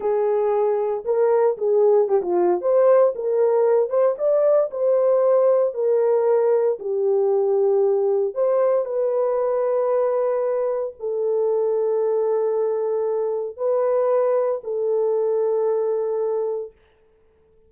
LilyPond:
\new Staff \with { instrumentName = "horn" } { \time 4/4 \tempo 4 = 115 gis'2 ais'4 gis'4 | g'16 f'8. c''4 ais'4. c''8 | d''4 c''2 ais'4~ | ais'4 g'2. |
c''4 b'2.~ | b'4 a'2.~ | a'2 b'2 | a'1 | }